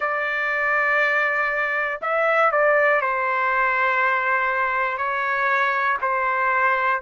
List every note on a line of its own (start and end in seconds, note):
0.00 2.00 D5
2.01 2.51 E5
2.51 3.01 D5
3.01 4.97 C5
4.97 5.97 C#5
6.01 7.01 C5